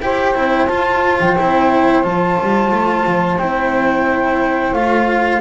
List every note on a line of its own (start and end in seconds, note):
0.00 0.34 E4
0.00 0.34 G4
0.00 5.41 C5
0.00 0.67 G5
0.34 0.68 C4
0.34 0.68 E4
0.67 1.19 F4
0.67 1.36 F4
0.67 1.17 A5
1.20 1.37 F3
1.20 2.03 G5
1.38 2.04 C4
1.38 2.03 E4
2.03 2.37 F3
2.03 3.37 F4
2.03 3.38 A5
2.41 2.70 G3
2.70 3.04 A3
3.06 3.38 F3
3.38 4.73 C4
3.38 4.75 E4
3.38 4.73 G5
4.73 5.40 A3
4.73 5.41 F4
4.73 5.40 F5